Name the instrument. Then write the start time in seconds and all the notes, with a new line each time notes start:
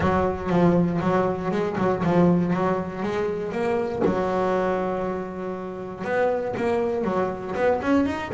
double bass
0.00 F#3
0.49 F3
1.00 F#3
1.51 G#3
1.77 F#3
2.04 F3
2.53 F#3
3.03 G#3
3.52 A#3
4.04 F#3
6.04 B3
6.56 A#3
7.04 F#3
7.55 B3
7.82 C#4
8.06 D#4